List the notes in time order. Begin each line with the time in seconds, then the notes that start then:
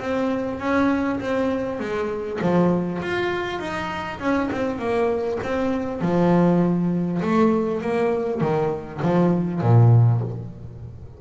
0.00 C4
0.60 C#4
1.20 C4
1.80 G#3
2.42 F3
3.02 F4
3.59 D#4
4.20 C#4
4.52 C4
4.79 A#3
5.44 C4
6.01 F3
7.22 A3
7.82 A#3
8.41 D#3
9.02 F3
9.62 A#2